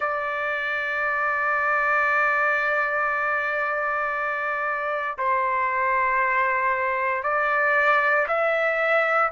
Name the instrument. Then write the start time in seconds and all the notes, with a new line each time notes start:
trumpet
0.00 D5
5.17 C5
7.23 D5
8.28 E5